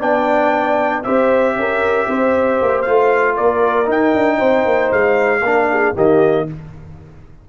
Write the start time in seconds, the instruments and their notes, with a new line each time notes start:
0.00 tuba B3, trombone D4, horn D5, trumpet G5
1.03 tuba C4, trombone G4, horn C5, trumpet E5
1.56 tuba C#4, horn A#4
2.09 tuba C4, horn C5
2.62 tuba A#3
2.83 tuba A3, trombone F4, trumpet F5
3.37 tuba A#3, horn A#4, trumpet D5
3.86 trombone D#4, tuba D#4, trumpet G5
4.14 tuba D4
4.38 tuba C4, horn C5
4.66 tuba A#3
4.92 tuba G#3, trumpet F5
5.42 tuba A#3, trombone D4, horn A#4
5.73 horn G#4
5.95 tuba D#3, trombone A#3, horn G4, trumpet D#5